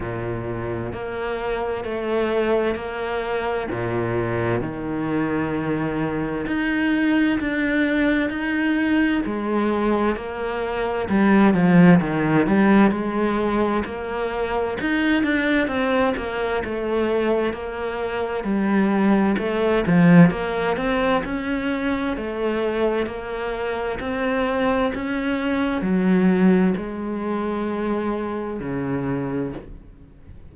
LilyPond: \new Staff \with { instrumentName = "cello" } { \time 4/4 \tempo 4 = 65 ais,4 ais4 a4 ais4 | ais,4 dis2 dis'4 | d'4 dis'4 gis4 ais4 | g8 f8 dis8 g8 gis4 ais4 |
dis'8 d'8 c'8 ais8 a4 ais4 | g4 a8 f8 ais8 c'8 cis'4 | a4 ais4 c'4 cis'4 | fis4 gis2 cis4 | }